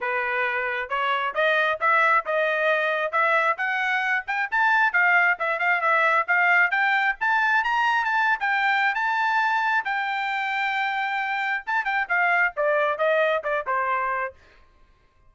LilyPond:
\new Staff \with { instrumentName = "trumpet" } { \time 4/4 \tempo 4 = 134 b'2 cis''4 dis''4 | e''4 dis''2 e''4 | fis''4. g''8 a''4 f''4 | e''8 f''8 e''4 f''4 g''4 |
a''4 ais''4 a''8. g''4~ g''16 | a''2 g''2~ | g''2 a''8 g''8 f''4 | d''4 dis''4 d''8 c''4. | }